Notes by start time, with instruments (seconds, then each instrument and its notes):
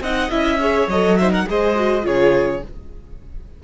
0.00 cello C4, viola D#4, violin D#5 F#5
0.30 cello C#4, viola E4, violin E5
0.59 viola G#4, violin C#5
0.87 cello F#3, viola A4, violin D#5
1.17 viola D#4, violin C5 E5
1.31 violin A#4 F#5
1.45 cello G#3, viola G#4, violin C5 D#5
1.75 viola F#4
2.02 cello C#3, viola F4, violin G#4 C#5